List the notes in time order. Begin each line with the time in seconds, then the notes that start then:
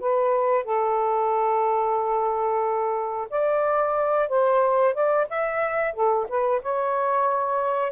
0.00 B4
0.64 A4
3.30 D5
4.29 C5
4.94 D5
5.30 E5
5.94 A4
6.29 B4
6.62 C#5